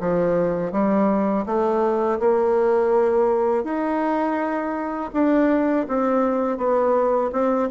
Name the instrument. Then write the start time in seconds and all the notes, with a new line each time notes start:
bassoon
0.00 F3
0.72 G3
1.46 A3
2.20 A#3
3.65 D#4
5.14 D4
5.88 C4
6.58 B3
7.33 C4